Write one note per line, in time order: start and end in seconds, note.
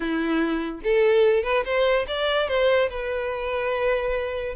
0.00 0.81 E4
0.83 1.43 A4
1.43 1.63 B4
1.64 2.06 C5
2.07 2.48 D5
2.48 2.89 C5
2.89 4.55 B4